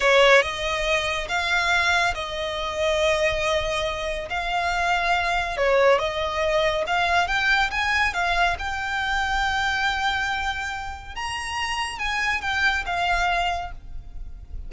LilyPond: \new Staff \with { instrumentName = "violin" } { \time 4/4 \tempo 4 = 140 cis''4 dis''2 f''4~ | f''4 dis''2.~ | dis''2 f''2~ | f''4 cis''4 dis''2 |
f''4 g''4 gis''4 f''4 | g''1~ | g''2 ais''2 | gis''4 g''4 f''2 | }